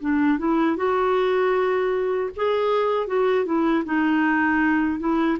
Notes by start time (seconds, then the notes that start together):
0.00 D4
0.38 E4
0.76 F#4
2.36 G#4
3.07 F#4
3.45 E4
3.85 D#4
4.99 E4